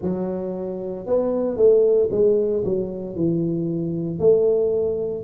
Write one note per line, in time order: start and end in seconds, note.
0.01 1.06 F#3
1.06 1.56 B3
1.56 2.09 A3
2.11 2.63 G#3
2.64 3.15 F#3
3.15 4.19 E3
4.19 5.23 A3